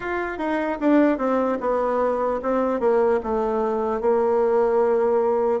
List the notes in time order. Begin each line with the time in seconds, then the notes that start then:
0.00 F4
0.37 D#4
0.80 D4
1.18 C4
1.60 B3
2.42 C4
2.80 A#3
3.23 A3
4.00 A#3